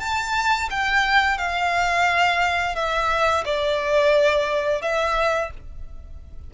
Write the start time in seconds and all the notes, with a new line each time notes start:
0.00 A5
0.70 G5
1.38 F5
2.75 E5
3.45 D5
4.82 E5